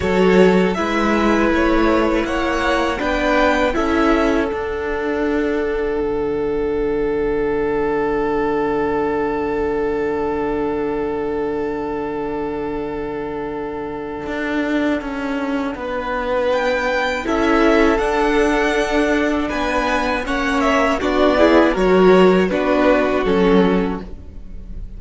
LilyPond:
<<
  \new Staff \with { instrumentName = "violin" } { \time 4/4 \tempo 4 = 80 cis''4 e''4 cis''4 fis''4 | g''4 e''4 fis''2~ | fis''1~ | fis''1~ |
fis''1~ | fis''2 g''4 e''4 | fis''2 gis''4 fis''8 e''8 | d''4 cis''4 b'4 a'4 | }
  \new Staff \with { instrumentName = "violin" } { \time 4/4 a'4 b'2 cis''4 | b'4 a'2.~ | a'1~ | a'1~ |
a'1~ | a'4 b'2 a'4~ | a'2 b'4 cis''4 | fis'8 gis'8 ais'4 fis'2 | }
  \new Staff \with { instrumentName = "viola" } { \time 4/4 fis'4 e'2. | d'4 e'4 d'2~ | d'1~ | d'1~ |
d'1~ | d'2. e'4 | d'2. cis'4 | d'8 e'8 fis'4 d'4 cis'4 | }
  \new Staff \with { instrumentName = "cello" } { \time 4/4 fis4 gis4 a4 ais4 | b4 cis'4 d'2 | d1~ | d1~ |
d2. d'4 | cis'4 b2 cis'4 | d'2 b4 ais4 | b4 fis4 b4 fis4 | }
>>